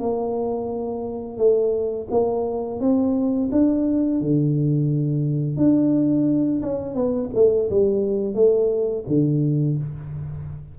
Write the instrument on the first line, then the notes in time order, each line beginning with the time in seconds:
tuba
0.00 A#3
1.38 A3
2.11 A#3
2.80 C4
3.52 D4
4.21 D3
5.57 D4
6.62 C#4
6.95 B3
7.34 A3
7.70 G3
8.35 A3
9.08 D3